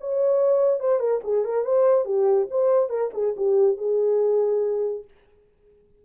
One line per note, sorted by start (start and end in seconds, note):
0.00 0.80 C#5
0.80 0.99 C5
0.99 1.20 A#4
1.24 1.44 G#4
1.44 1.64 A#4
1.64 2.05 C5
2.05 2.47 G4
2.51 2.89 C5
2.89 3.11 A#4
3.14 3.35 G#4
3.36 3.77 G4
3.77 5.04 G#4